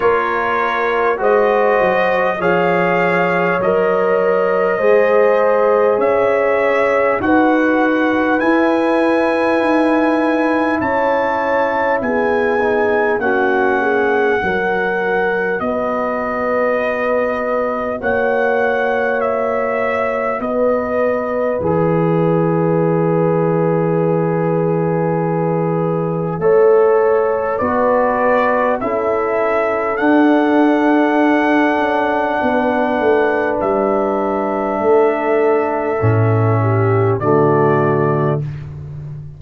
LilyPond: <<
  \new Staff \with { instrumentName = "trumpet" } { \time 4/4 \tempo 4 = 50 cis''4 dis''4 f''4 dis''4~ | dis''4 e''4 fis''4 gis''4~ | gis''4 a''4 gis''4 fis''4~ | fis''4 dis''2 fis''4 |
e''4 dis''4 e''2~ | e''2. d''4 | e''4 fis''2. | e''2. d''4 | }
  \new Staff \with { instrumentName = "horn" } { \time 4/4 ais'4 c''4 cis''2 | c''4 cis''4 b'2~ | b'4 cis''4 gis'4 fis'8 gis'8 | ais'4 b'2 cis''4~ |
cis''4 b'2.~ | b'2 cis''4 b'4 | a'2. b'4~ | b'4 a'4. g'8 fis'4 | }
  \new Staff \with { instrumentName = "trombone" } { \time 4/4 f'4 fis'4 gis'4 ais'4 | gis'2 fis'4 e'4~ | e'2~ e'8 dis'8 cis'4 | fis'1~ |
fis'2 gis'2~ | gis'2 a'4 fis'4 | e'4 d'2.~ | d'2 cis'4 a4 | }
  \new Staff \with { instrumentName = "tuba" } { \time 4/4 ais4 gis8 fis8 f4 fis4 | gis4 cis'4 dis'4 e'4 | dis'4 cis'4 b4 ais4 | fis4 b2 ais4~ |
ais4 b4 e2~ | e2 a4 b4 | cis'4 d'4. cis'8 b8 a8 | g4 a4 a,4 d4 | }
>>